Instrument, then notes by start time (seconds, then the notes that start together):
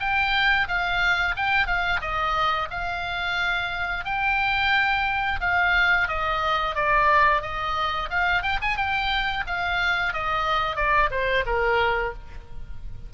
oboe
0.00 G5
0.68 F5
1.36 G5
1.67 F5
2.01 D#5
2.70 F5
4.05 G5
5.40 F5
6.08 D#5
6.75 D5
7.42 D#5
8.10 F5
8.42 G5
8.61 G#5
8.76 G5
9.47 F5
10.13 D#5
10.76 D5
11.11 C5
11.46 A#4